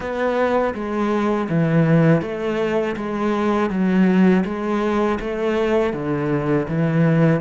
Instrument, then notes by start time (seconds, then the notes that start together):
cello
0.00 B3
0.74 G#3
1.49 E3
2.21 A3
2.96 G#3
3.70 F#3
4.44 G#3
5.20 A3
5.93 D3
6.68 E3